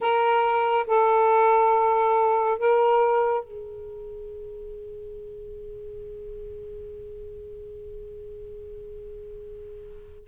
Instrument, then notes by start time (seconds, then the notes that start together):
saxophone
0.00 A#4
0.86 A4
2.58 A#4
3.44 G#4